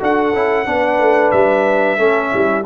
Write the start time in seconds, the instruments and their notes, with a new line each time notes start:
0.00 tuba D4, trombone F#4, horn A4, trumpet F#5
0.34 tuba C#4, trombone E4
0.66 tuba B3, trombone D4, horn B4
0.99 tuba A3
1.31 tuba G3, trumpet E5
1.98 tuba A3, trombone C#4, horn A4
2.32 tuba G3, horn E4